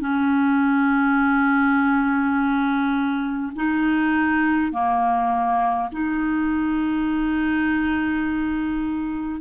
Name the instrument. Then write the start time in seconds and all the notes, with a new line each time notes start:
clarinet
0.00 C#4
3.56 D#4
4.72 A#3
5.92 D#4